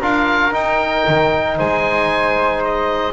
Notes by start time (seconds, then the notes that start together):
0.00 D4 F4 A#4 F5
0.52 D#4 G5
1.08 D#3
1.57 G#3 C5 G#5
2.65 D#5